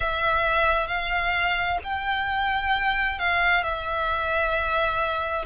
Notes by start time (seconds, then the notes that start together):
0.00 E5
0.87 F5
1.83 G5
3.19 F5
3.63 E5